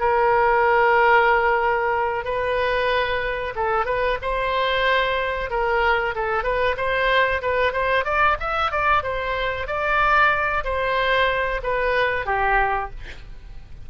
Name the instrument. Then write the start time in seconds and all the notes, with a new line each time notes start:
oboe
0.00 A#4
2.25 B4
3.56 A4
3.86 B4
4.22 C5
5.50 A#4
6.15 A4
6.44 B4
6.77 C5
7.42 B4
7.73 C5
8.05 D5
8.40 E5
8.72 D5
9.03 C5
9.67 D5
10.65 C5
11.64 B4
12.26 G4